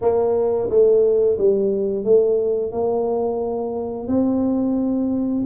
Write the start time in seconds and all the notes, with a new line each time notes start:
0.01 A#3
0.69 A3
1.38 G3
2.04 A3
2.71 A#3
4.07 C4